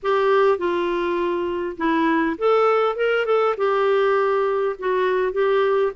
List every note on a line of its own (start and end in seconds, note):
0.03 0.58 G4
0.58 1.76 F4
1.77 2.36 E4
2.38 2.96 A4
2.96 3.25 A#4
3.25 3.55 A4
3.57 4.76 G4
4.78 5.32 F#4
5.32 5.91 G4